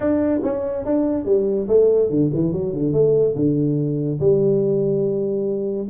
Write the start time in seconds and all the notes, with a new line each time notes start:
0.00 D4
0.43 C#4
0.85 D4
1.25 G3
1.68 A3
2.10 D3
2.34 E3
2.52 F#3
2.73 D3
2.92 A3
3.35 D3
4.19 G3